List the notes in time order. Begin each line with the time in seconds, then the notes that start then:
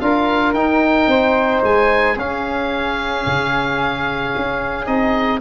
0.00 D4 F4 A#4 F5
0.54 D#4 G5
1.07 C4 C5
1.64 G#3 G#5
2.14 C#4 G#4 F5
3.26 C#3
4.36 C#4
4.86 C4 D#4 D#5